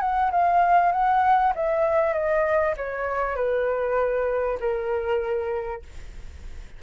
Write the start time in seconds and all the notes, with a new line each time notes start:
0.00 F#5
0.31 F5
0.92 F#5
1.55 E5
2.13 D#5
2.77 C#5
3.36 B4
4.60 A#4